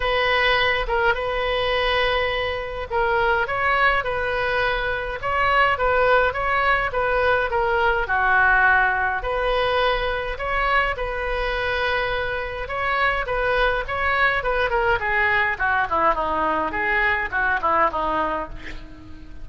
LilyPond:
\new Staff \with { instrumentName = "oboe" } { \time 4/4 \tempo 4 = 104 b'4. ais'8 b'2~ | b'4 ais'4 cis''4 b'4~ | b'4 cis''4 b'4 cis''4 | b'4 ais'4 fis'2 |
b'2 cis''4 b'4~ | b'2 cis''4 b'4 | cis''4 b'8 ais'8 gis'4 fis'8 e'8 | dis'4 gis'4 fis'8 e'8 dis'4 | }